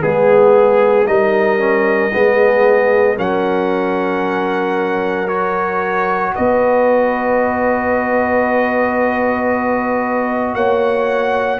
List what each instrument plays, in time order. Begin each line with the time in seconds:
0.00 tuba G#3, trombone B3, trumpet G#4, horn G#4
1.06 tuba G3, trombone D#4, horn A#4, trumpet D#5
1.58 trombone C#4
2.13 tuba G#3, trombone B3, horn G#4
3.16 tuba F#3, trombone C#4, horn A#4, trumpet F#5
5.28 trombone F#4, trumpet C#5
6.35 tuba B3, horn B4, trumpet D#5
10.54 tuba A#3, horn C#5, trumpet F#5